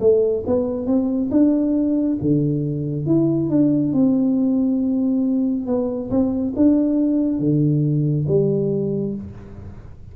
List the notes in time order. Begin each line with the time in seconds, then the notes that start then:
0.00 A3
0.47 B3
0.87 C4
1.31 D4
2.21 D3
3.06 E4
3.50 D4
3.93 C4
5.66 B3
6.10 C4
6.56 D4
7.39 D3
8.28 G3